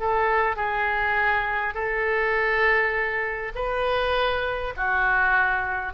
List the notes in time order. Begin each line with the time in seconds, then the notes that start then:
0.00 A4
0.57 G#4
1.74 A4
3.55 B4
4.77 F#4